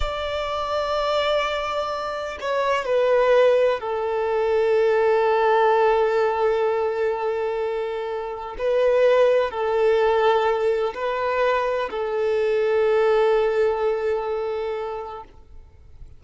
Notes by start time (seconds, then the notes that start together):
0.00 D5
2.40 C#5
2.85 B4
3.80 A4
8.58 B4
9.50 A4
10.94 B4
11.90 A4